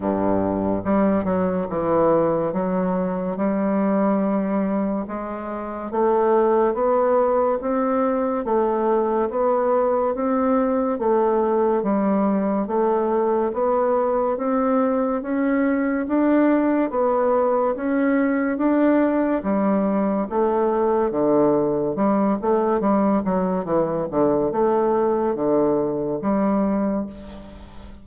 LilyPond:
\new Staff \with { instrumentName = "bassoon" } { \time 4/4 \tempo 4 = 71 g,4 g8 fis8 e4 fis4 | g2 gis4 a4 | b4 c'4 a4 b4 | c'4 a4 g4 a4 |
b4 c'4 cis'4 d'4 | b4 cis'4 d'4 g4 | a4 d4 g8 a8 g8 fis8 | e8 d8 a4 d4 g4 | }